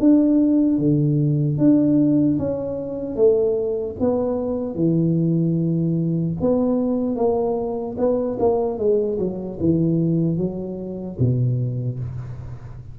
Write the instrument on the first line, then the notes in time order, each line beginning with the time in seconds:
tuba
0.00 D4
0.79 D3
1.58 D4
2.39 C#4
3.16 A3
4.00 B3
4.75 E3
6.41 B3
7.16 A#3
7.98 B3
8.40 A#3
8.79 G#3
9.19 F#3
9.60 E3
10.38 F#3
11.19 B2